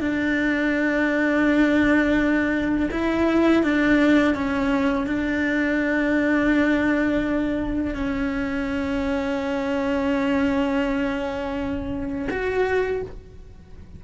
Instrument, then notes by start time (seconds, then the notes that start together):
cello
0.00 D4
2.91 E4
3.63 D4
4.34 C#4
5.06 D4
7.94 C#4
12.30 F#4